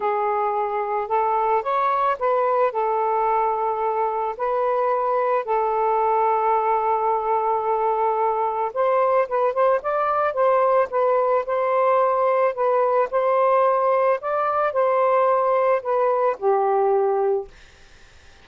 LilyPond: \new Staff \with { instrumentName = "saxophone" } { \time 4/4 \tempo 4 = 110 gis'2 a'4 cis''4 | b'4 a'2. | b'2 a'2~ | a'1 |
c''4 b'8 c''8 d''4 c''4 | b'4 c''2 b'4 | c''2 d''4 c''4~ | c''4 b'4 g'2 | }